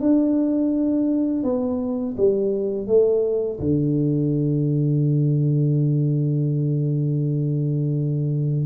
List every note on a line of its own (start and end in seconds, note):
0.00 1.44 D4
1.44 2.16 B3
2.17 2.87 G3
2.87 3.59 A3
3.60 8.66 D3